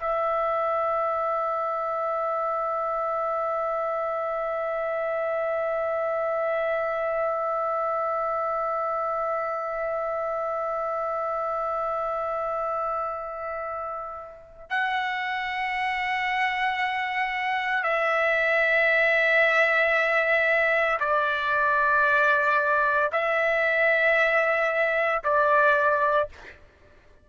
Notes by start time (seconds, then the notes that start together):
0.00 E5
14.70 F#5
17.84 E5
21.00 D5
23.12 E5
25.24 D5